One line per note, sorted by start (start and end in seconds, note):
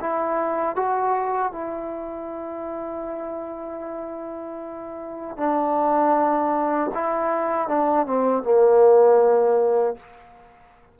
0.00 0.76 E4
0.76 1.52 F#4
1.52 5.37 E4
5.37 6.91 D4
6.94 7.68 E4
7.68 8.06 D4
8.06 8.43 C4
8.43 9.96 A#3